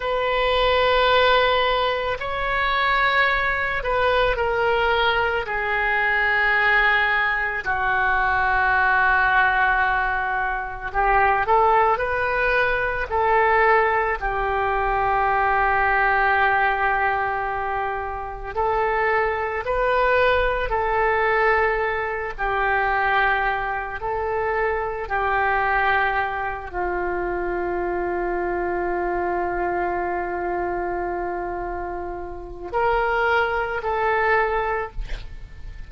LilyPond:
\new Staff \with { instrumentName = "oboe" } { \time 4/4 \tempo 4 = 55 b'2 cis''4. b'8 | ais'4 gis'2 fis'4~ | fis'2 g'8 a'8 b'4 | a'4 g'2.~ |
g'4 a'4 b'4 a'4~ | a'8 g'4. a'4 g'4~ | g'8 f'2.~ f'8~ | f'2 ais'4 a'4 | }